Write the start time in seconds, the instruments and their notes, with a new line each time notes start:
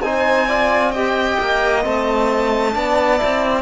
0.00 cello C4, trombone D#4, violin C5 G#5
0.47 trombone F4, violin D5
0.91 trombone G4, violin D#5 G5
1.40 cello A#3
1.83 cello A3, trombone C4, violin A5
2.73 cello B3, trombone D4, violin D5
3.17 cello C4, trombone E4